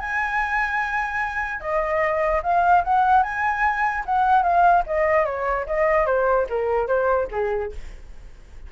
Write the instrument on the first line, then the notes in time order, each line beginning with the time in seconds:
flute
0.00 G#5
1.61 D#5
2.43 F5
2.84 F#5
3.23 G#5
4.06 F#5
4.43 F5
4.86 D#5
5.25 C#5
5.66 D#5
6.06 C5
6.49 A#4
6.87 C5
7.31 G#4